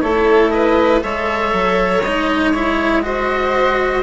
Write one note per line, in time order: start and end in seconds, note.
0.00 1.02 A3
0.00 1.01 E4
0.00 0.53 A4
0.00 0.50 C#5
0.50 1.02 B4
0.50 1.00 D#5
1.01 1.52 G#3
1.01 2.01 A4
1.01 3.02 C#5
1.01 2.02 E5
1.52 2.02 F#3
2.02 4.02 G#3
2.02 2.54 D#4
2.02 2.51 D#5
2.51 3.02 E4
2.51 3.01 C#5
3.02 4.02 F#4
3.02 4.02 C5
3.02 4.02 D#5